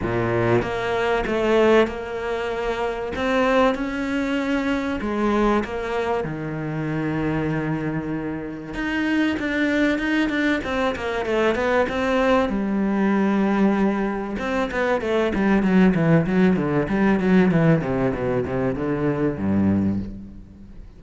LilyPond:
\new Staff \with { instrumentName = "cello" } { \time 4/4 \tempo 4 = 96 ais,4 ais4 a4 ais4~ | ais4 c'4 cis'2 | gis4 ais4 dis2~ | dis2 dis'4 d'4 |
dis'8 d'8 c'8 ais8 a8 b8 c'4 | g2. c'8 b8 | a8 g8 fis8 e8 fis8 d8 g8 fis8 | e8 c8 b,8 c8 d4 g,4 | }